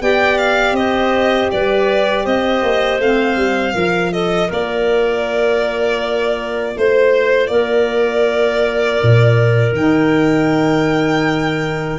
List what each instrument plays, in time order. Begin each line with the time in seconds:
0.00 tuba B3, saxophone G4, clarinet D5, violin G5
0.38 violin F5
0.72 tuba C4, clarinet C5, violin D#5
1.51 tuba G3, clarinet B4, violin D5
2.24 tuba C4, clarinet C5, violin D#5
2.62 tuba A#3
2.99 tuba A3, saxophone C4, violin F5
3.36 tuba G3
3.74 tuba F3, saxophone F4, clarinet A#4
4.12 clarinet A4, violin D#5
4.48 tuba A#3, clarinet A#4, violin D5
6.76 tuba A3, violin C5, clarinet C5
7.47 tuba A#3, clarinet A#4, violin D5
9.03 tuba A#2
9.72 tuba D#3, saxophone D#4, violin G5